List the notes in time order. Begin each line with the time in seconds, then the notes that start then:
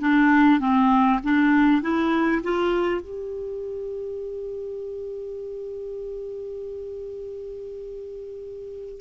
0.00 D4
0.60 C4
1.24 D4
1.82 E4
2.43 F4
3.02 G4